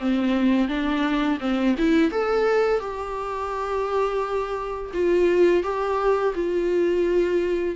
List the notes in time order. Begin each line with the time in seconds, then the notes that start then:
0.00 C4
0.68 D4
1.40 C4
1.78 E4
2.11 A4
2.80 G4
4.93 F4
5.63 G4
6.35 F4